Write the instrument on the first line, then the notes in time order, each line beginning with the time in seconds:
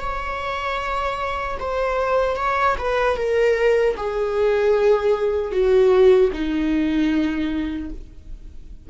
viola
0.00 C#5
1.59 C5
2.36 C#5
2.78 B4
3.16 A#4
3.97 G#4
5.52 F#4
6.32 D#4